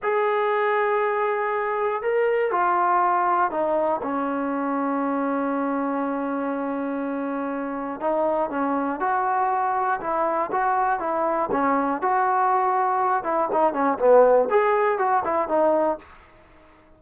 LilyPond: \new Staff \with { instrumentName = "trombone" } { \time 4/4 \tempo 4 = 120 gis'1 | ais'4 f'2 dis'4 | cis'1~ | cis'1 |
dis'4 cis'4 fis'2 | e'4 fis'4 e'4 cis'4 | fis'2~ fis'8 e'8 dis'8 cis'8 | b4 gis'4 fis'8 e'8 dis'4 | }